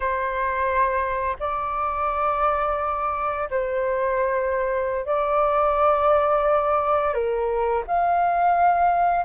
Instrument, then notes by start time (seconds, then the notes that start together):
flute
0.00 C5
1.40 D5
3.50 C5
5.05 D5
7.14 A#4
7.87 F5